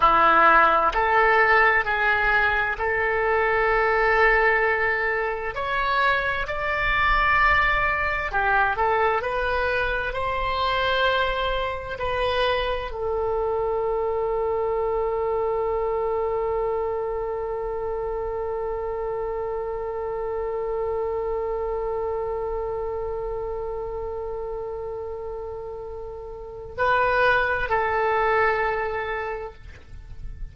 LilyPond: \new Staff \with { instrumentName = "oboe" } { \time 4/4 \tempo 4 = 65 e'4 a'4 gis'4 a'4~ | a'2 cis''4 d''4~ | d''4 g'8 a'8 b'4 c''4~ | c''4 b'4 a'2~ |
a'1~ | a'1~ | a'1~ | a'4 b'4 a'2 | }